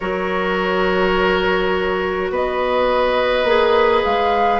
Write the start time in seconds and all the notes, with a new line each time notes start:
0.00 F#3 F#4 A#4 C#5
2.30 B3 B4 D#5
3.44 A#3 G#4
4.04 G#3 F5